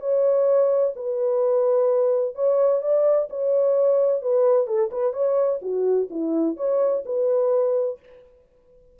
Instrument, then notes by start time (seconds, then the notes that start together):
horn
0.00 C#5
0.96 B4
2.35 C#5
2.81 D5
3.29 C#5
4.22 B4
4.67 A4
4.91 B4
5.13 C#5
5.61 F#4
6.10 E4
6.56 C#5
7.05 B4